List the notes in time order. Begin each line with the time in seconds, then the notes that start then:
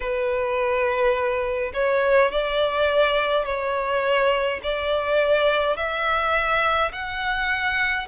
0.00 B4
1.73 C#5
2.31 D5
3.45 C#5
4.63 D5
5.76 E5
6.92 F#5